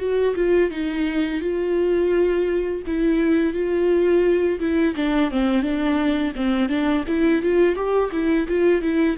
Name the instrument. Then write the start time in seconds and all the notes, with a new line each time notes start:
viola
0.00 F#4
0.36 F4
0.71 D#4
1.41 F4
2.87 E4
3.54 F4
4.60 E4
4.96 D4
5.31 C4
5.63 D4
6.36 C4
6.69 D4
7.08 E4
7.43 F4
7.76 G4
8.12 E4
8.48 F4
8.82 E4